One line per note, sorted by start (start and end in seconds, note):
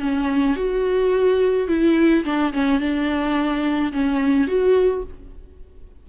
0.00 0.56 C#4
0.56 1.68 F#4
1.68 2.24 E4
2.24 2.52 D4
2.53 2.80 C#4
2.80 3.92 D4
3.92 4.47 C#4
4.47 5.03 F#4